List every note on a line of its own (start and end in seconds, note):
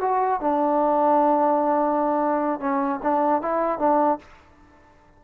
0.00 0.40 F#4
0.40 2.59 D4
2.59 2.99 C#4
3.02 3.42 D4
3.42 3.78 E4
3.78 4.18 D4